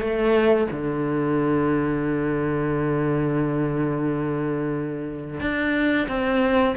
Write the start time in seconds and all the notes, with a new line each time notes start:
0.00 A3
0.71 D3
5.40 D4
6.08 C4